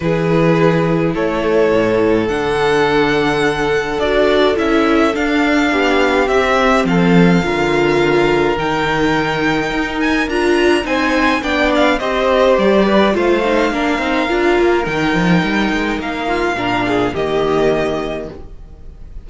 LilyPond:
<<
  \new Staff \with { instrumentName = "violin" } { \time 4/4 \tempo 4 = 105 b'2 cis''2 | fis''2. d''4 | e''4 f''2 e''4 | f''2. g''4~ |
g''4. gis''8 ais''4 gis''4 | g''8 f''8 dis''4 d''4 f''4~ | f''2 g''2 | f''2 dis''2 | }
  \new Staff \with { instrumentName = "violin" } { \time 4/4 gis'2 a'2~ | a'1~ | a'2 g'2 | a'4 ais'2.~ |
ais'2. c''4 | d''4 c''4. b'8 c''4 | ais'1~ | ais'8 f'8 ais'8 gis'8 g'2 | }
  \new Staff \with { instrumentName = "viola" } { \time 4/4 e'1 | d'2. fis'4 | e'4 d'2 c'4~ | c'4 f'2 dis'4~ |
dis'2 f'4 dis'4 | d'4 g'2 f'8 dis'8 | d'8 dis'8 f'4 dis'2~ | dis'4 d'4 ais2 | }
  \new Staff \with { instrumentName = "cello" } { \time 4/4 e2 a4 a,4 | d2. d'4 | cis'4 d'4 b4 c'4 | f4 d2 dis4~ |
dis4 dis'4 d'4 c'4 | b4 c'4 g4 a4 | ais8 c'8 d'8 ais8 dis8 f8 g8 gis8 | ais4 ais,4 dis2 | }
>>